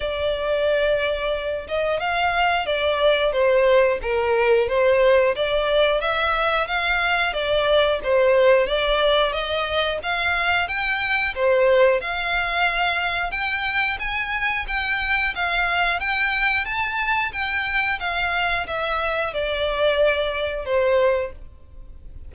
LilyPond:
\new Staff \with { instrumentName = "violin" } { \time 4/4 \tempo 4 = 90 d''2~ d''8 dis''8 f''4 | d''4 c''4 ais'4 c''4 | d''4 e''4 f''4 d''4 | c''4 d''4 dis''4 f''4 |
g''4 c''4 f''2 | g''4 gis''4 g''4 f''4 | g''4 a''4 g''4 f''4 | e''4 d''2 c''4 | }